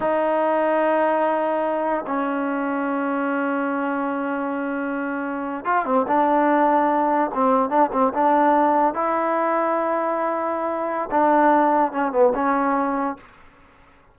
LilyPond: \new Staff \with { instrumentName = "trombone" } { \time 4/4 \tempo 4 = 146 dis'1~ | dis'4 cis'2.~ | cis'1~ | cis'4.~ cis'16 f'8 c'8 d'4~ d'16~ |
d'4.~ d'16 c'4 d'8 c'8 d'16~ | d'4.~ d'16 e'2~ e'16~ | e'2. d'4~ | d'4 cis'8 b8 cis'2 | }